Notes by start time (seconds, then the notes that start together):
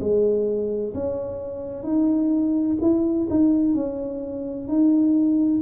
0.00 G#3
0.94 C#4
1.84 D#4
2.81 E4
3.30 D#4
3.75 C#4
4.68 D#4